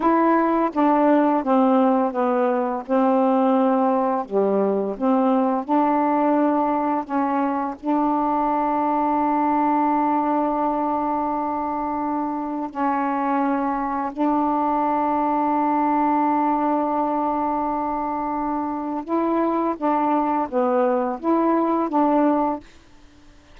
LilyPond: \new Staff \with { instrumentName = "saxophone" } { \time 4/4 \tempo 4 = 85 e'4 d'4 c'4 b4 | c'2 g4 c'4 | d'2 cis'4 d'4~ | d'1~ |
d'2 cis'2 | d'1~ | d'2. e'4 | d'4 b4 e'4 d'4 | }